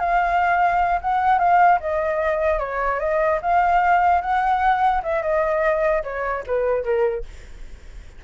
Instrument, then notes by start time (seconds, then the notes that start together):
flute
0.00 F5
1.02 F#5
1.39 F5
1.81 D#5
2.60 C#5
3.00 D#5
3.42 F5
4.22 F#5
5.04 E5
5.23 D#5
6.04 C#5
6.47 B4
6.84 A#4